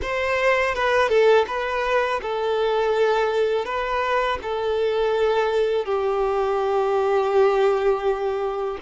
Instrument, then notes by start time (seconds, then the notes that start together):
violin
0.02 C5
0.75 B4
1.08 A4
1.47 B4
2.22 A4
3.65 B4
4.42 A4
5.85 G4